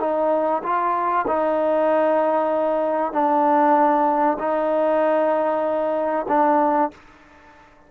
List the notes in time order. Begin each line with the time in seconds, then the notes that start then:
0.00 D#4
0.63 F4
1.28 D#4
3.13 D4
4.39 D#4
6.29 D4